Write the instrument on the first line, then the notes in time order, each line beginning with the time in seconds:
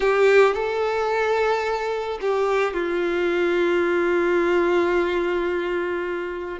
violin
0.00 G4
0.54 A4
2.21 G4
2.73 F4